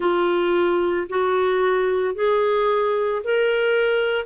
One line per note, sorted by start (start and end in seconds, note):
0.00 1.07 F4
1.09 2.14 F#4
2.14 3.21 G#4
3.23 4.25 A#4